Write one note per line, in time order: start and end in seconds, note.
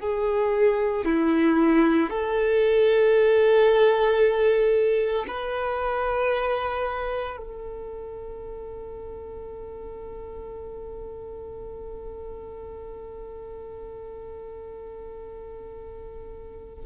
0.00 1.05 G#4
1.05 2.10 E4
2.10 5.26 A4
5.28 7.37 B4
7.37 16.85 A4